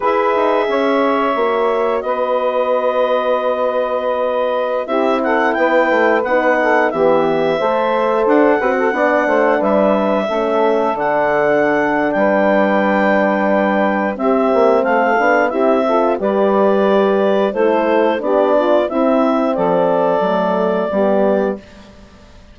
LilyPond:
<<
  \new Staff \with { instrumentName = "clarinet" } { \time 4/4 \tempo 4 = 89 e''2. dis''4~ | dis''2.~ dis''16 e''8 fis''16~ | fis''16 g''4 fis''4 e''4.~ e''16~ | e''16 fis''2 e''4.~ e''16~ |
e''16 fis''4.~ fis''16 g''2~ | g''4 e''4 f''4 e''4 | d''2 c''4 d''4 | e''4 d''2. | }
  \new Staff \with { instrumentName = "saxophone" } { \time 4/4 b'4 cis''2 b'4~ | b'2.~ b'16 g'8 a'16~ | a'16 b'4. a'8 g'4 c''8.~ | c''8. b'16 a'16 d''8 c''8 b'4 a'8.~ |
a'2 b'2~ | b'4 g'4 a'4 g'8 a'8 | b'2 a'4 g'8 f'8 | e'4 a'2 g'4 | }
  \new Staff \with { instrumentName = "horn" } { \time 4/4 gis'2 fis'2~ | fis'2.~ fis'16 e'8.~ | e'4~ e'16 dis'4 b4 a'8.~ | a'8. fis'8 d'2 cis'8.~ |
cis'16 d'2.~ d'8.~ | d'4 c'4. d'8 e'8 f'8 | g'2 e'4 d'4 | c'2 a4 b4 | }
  \new Staff \with { instrumentName = "bassoon" } { \time 4/4 e'8 dis'8 cis'4 ais4 b4~ | b2.~ b16 c'8.~ | c'16 b8 a8 b4 e4 a8.~ | a16 d'8 c'8 b8 a8 g4 a8.~ |
a16 d4.~ d16 g2~ | g4 c'8 ais8 a8 b8 c'4 | g2 a4 b4 | c'4 f4 fis4 g4 | }
>>